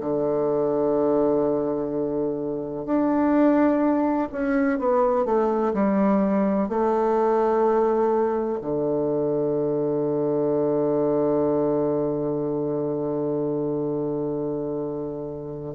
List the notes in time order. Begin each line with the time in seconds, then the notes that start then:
0.00 D3
2.85 D4
4.32 C#4
4.78 B3
5.25 A3
5.74 G3
6.68 A3
8.61 D3